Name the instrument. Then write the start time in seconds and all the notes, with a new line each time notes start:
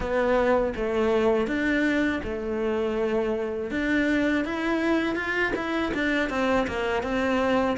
cello
0.00 B3
0.75 A3
1.47 D4
2.23 A3
3.70 D4
4.44 E4
5.15 F4
5.55 E4
5.94 D4
6.29 C4
6.67 A#3
7.02 C4